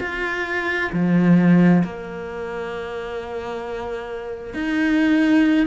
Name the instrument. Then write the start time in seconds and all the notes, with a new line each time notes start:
cello
0.00 F4
0.93 F3
1.84 A#3
4.54 D#4